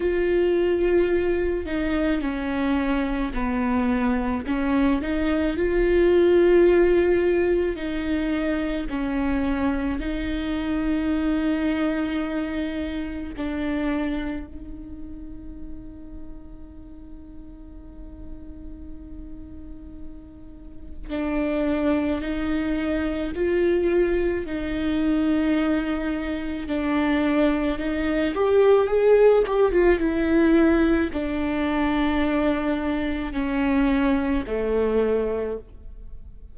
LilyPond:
\new Staff \with { instrumentName = "viola" } { \time 4/4 \tempo 4 = 54 f'4. dis'8 cis'4 b4 | cis'8 dis'8 f'2 dis'4 | cis'4 dis'2. | d'4 dis'2.~ |
dis'2. d'4 | dis'4 f'4 dis'2 | d'4 dis'8 g'8 gis'8 g'16 f'16 e'4 | d'2 cis'4 a4 | }